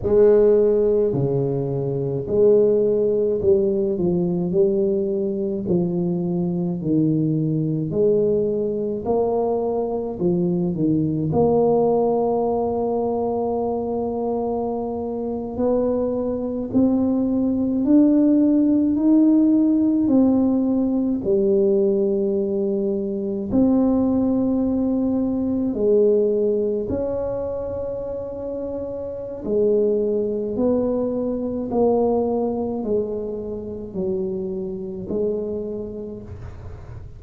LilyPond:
\new Staff \with { instrumentName = "tuba" } { \time 4/4 \tempo 4 = 53 gis4 cis4 gis4 g8 f8 | g4 f4 dis4 gis4 | ais4 f8 dis8 ais2~ | ais4.~ ais16 b4 c'4 d'16~ |
d'8. dis'4 c'4 g4~ g16~ | g8. c'2 gis4 cis'16~ | cis'2 gis4 b4 | ais4 gis4 fis4 gis4 | }